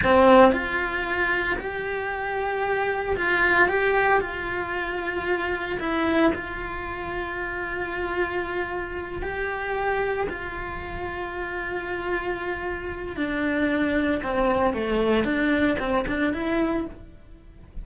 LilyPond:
\new Staff \with { instrumentName = "cello" } { \time 4/4 \tempo 4 = 114 c'4 f'2 g'4~ | g'2 f'4 g'4 | f'2. e'4 | f'1~ |
f'4. g'2 f'8~ | f'1~ | f'4 d'2 c'4 | a4 d'4 c'8 d'8 e'4 | }